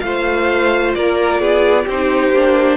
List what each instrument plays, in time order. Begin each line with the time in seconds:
0.00 cello A3, viola F4, violin C5 F5
0.94 cello A#3, violin A#4 D5
1.40 cello B3, violin G#4
1.84 cello C4, violin G4 C5
1.92 viola D#4
2.30 cello A#3, viola D4